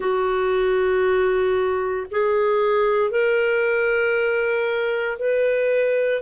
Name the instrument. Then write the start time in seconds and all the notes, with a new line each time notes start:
clarinet
0.00 F#4
2.11 G#4
3.10 A#4
5.18 B4